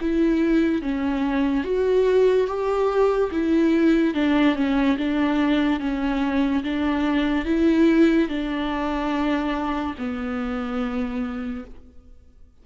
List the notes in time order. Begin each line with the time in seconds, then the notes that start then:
0.00 E4
0.81 C#4
1.64 F#4
2.47 G4
3.31 E4
4.14 D4
4.55 C#4
4.97 D4
5.80 C#4
6.63 D4
7.45 E4
8.28 D4
9.98 B3